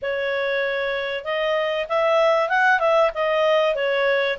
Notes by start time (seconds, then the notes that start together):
0.02 C#5
1.24 D#5
1.88 E5
2.49 F#5
2.79 E5
3.14 D#5
3.75 C#5